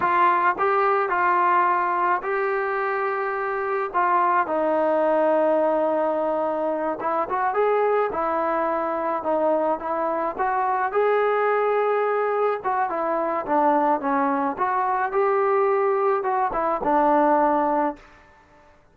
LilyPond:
\new Staff \with { instrumentName = "trombone" } { \time 4/4 \tempo 4 = 107 f'4 g'4 f'2 | g'2. f'4 | dis'1~ | dis'8 e'8 fis'8 gis'4 e'4.~ |
e'8 dis'4 e'4 fis'4 gis'8~ | gis'2~ gis'8 fis'8 e'4 | d'4 cis'4 fis'4 g'4~ | g'4 fis'8 e'8 d'2 | }